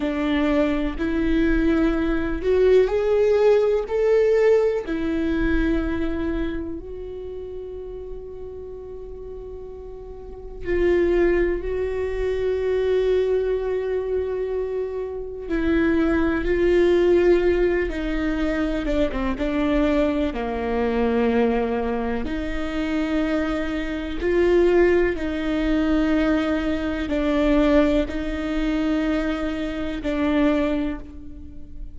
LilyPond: \new Staff \with { instrumentName = "viola" } { \time 4/4 \tempo 4 = 62 d'4 e'4. fis'8 gis'4 | a'4 e'2 fis'4~ | fis'2. f'4 | fis'1 |
e'4 f'4. dis'4 d'16 c'16 | d'4 ais2 dis'4~ | dis'4 f'4 dis'2 | d'4 dis'2 d'4 | }